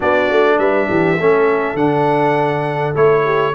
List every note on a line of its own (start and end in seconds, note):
0.00 0.30 B3
0.00 1.17 D4
0.00 0.56 F#4
0.00 0.58 D5
0.30 0.58 A3
0.58 0.87 G3
0.58 0.88 B4
0.58 1.76 E5
0.89 1.19 E3
0.89 1.19 G4
1.19 1.74 A3
1.19 1.76 C#4
1.19 3.24 A4
1.74 2.91 D3
1.74 2.94 D4
1.74 2.94 F#5
2.94 3.54 A3
2.94 3.53 E4
2.94 3.54 C#5
3.24 3.54 G4